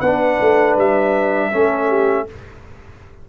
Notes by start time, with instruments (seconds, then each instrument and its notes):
0.00 tuba B3, trombone D4, horn B4, trumpet F#5
0.40 tuba A3
0.76 tuba G3, trumpet E5
1.52 tuba A3, trombone C#4, horn A4
1.89 horn G4